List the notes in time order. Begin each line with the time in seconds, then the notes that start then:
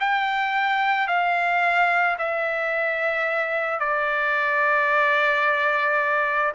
0.00 G5
1.07 F5
2.18 E5
3.79 D5